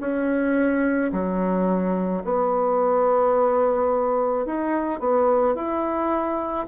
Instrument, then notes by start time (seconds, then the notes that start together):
bassoon
0.00 C#4
1.12 F#3
2.24 B3
4.45 D#4
4.99 B3
5.55 E4